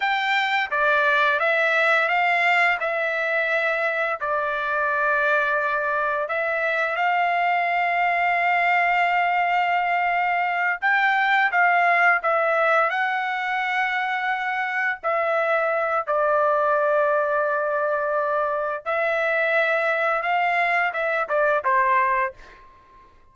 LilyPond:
\new Staff \with { instrumentName = "trumpet" } { \time 4/4 \tempo 4 = 86 g''4 d''4 e''4 f''4 | e''2 d''2~ | d''4 e''4 f''2~ | f''2.~ f''8 g''8~ |
g''8 f''4 e''4 fis''4.~ | fis''4. e''4. d''4~ | d''2. e''4~ | e''4 f''4 e''8 d''8 c''4 | }